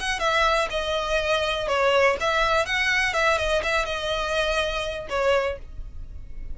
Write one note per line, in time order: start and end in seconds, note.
0.00 0.20 F#5
0.20 0.69 E5
0.70 1.68 D#5
1.68 2.17 C#5
2.20 2.66 E5
2.66 3.14 F#5
3.14 3.38 E5
3.38 3.62 D#5
3.63 3.86 E5
3.86 5.08 D#5
5.10 5.59 C#5